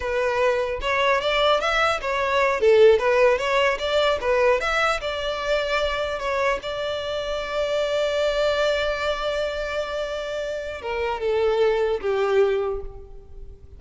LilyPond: \new Staff \with { instrumentName = "violin" } { \time 4/4 \tempo 4 = 150 b'2 cis''4 d''4 | e''4 cis''4. a'4 b'8~ | b'8 cis''4 d''4 b'4 e''8~ | e''8 d''2. cis''8~ |
cis''8 d''2.~ d''8~ | d''1~ | d''2. ais'4 | a'2 g'2 | }